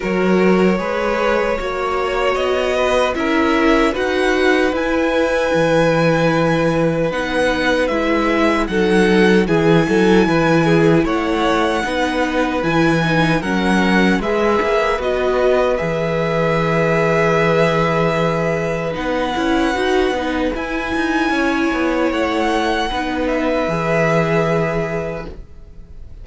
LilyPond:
<<
  \new Staff \with { instrumentName = "violin" } { \time 4/4 \tempo 4 = 76 cis''2. dis''4 | e''4 fis''4 gis''2~ | gis''4 fis''4 e''4 fis''4 | gis''2 fis''2 |
gis''4 fis''4 e''4 dis''4 | e''1 | fis''2 gis''2 | fis''4. e''2~ e''8 | }
  \new Staff \with { instrumentName = "violin" } { \time 4/4 ais'4 b'4 cis''4. b'8 | ais'4 b'2.~ | b'2. a'4 | gis'8 a'8 b'8 gis'8 cis''4 b'4~ |
b'4 ais'4 b'2~ | b'1~ | b'2. cis''4~ | cis''4 b'2. | }
  \new Staff \with { instrumentName = "viola" } { \time 4/4 fis'4 gis'4 fis'2 | e'4 fis'4 e'2~ | e'4 dis'4 e'4 dis'4 | e'2. dis'4 |
e'8 dis'8 cis'4 gis'4 fis'4 | gis'1 | dis'8 e'8 fis'8 dis'8 e'2~ | e'4 dis'4 gis'2 | }
  \new Staff \with { instrumentName = "cello" } { \time 4/4 fis4 gis4 ais4 b4 | cis'4 dis'4 e'4 e4~ | e4 b4 gis4 fis4 | e8 fis8 e4 a4 b4 |
e4 fis4 gis8 ais8 b4 | e1 | b8 cis'8 dis'8 b8 e'8 dis'8 cis'8 b8 | a4 b4 e2 | }
>>